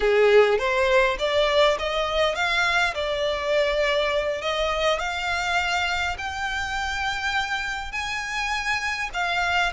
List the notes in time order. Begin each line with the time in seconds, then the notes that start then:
0.00 G#4
0.58 C5
1.18 D5
1.78 D#5
2.35 F5
2.94 D5
4.41 D#5
4.99 F5
6.17 G5
7.91 G#5
9.13 F5